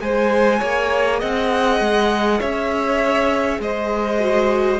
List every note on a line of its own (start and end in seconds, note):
0.00 0.61 G#3
0.00 4.19 G#4
0.00 0.59 C5
0.00 1.20 G#5
0.59 1.22 A#3
0.59 1.19 C#5
1.19 1.80 C4
1.19 2.39 D#5
1.19 2.40 F#5
1.80 2.40 G#3
2.39 3.59 C#4
2.39 3.59 C#5
2.39 3.60 E5
3.59 4.79 G#3
3.59 4.79 C5
3.59 4.79 D#5
4.19 4.79 F#4